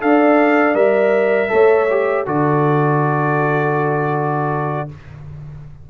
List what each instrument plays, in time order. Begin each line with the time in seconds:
0.00 tuba D4, trombone A4, horn D5, trumpet F5
0.74 tuba G3, trombone A#4, trumpet E5
1.49 tuba A3, trombone A4, horn C#5
1.90 trombone G4
2.26 tuba D3, trombone F#4, horn A4, trumpet D5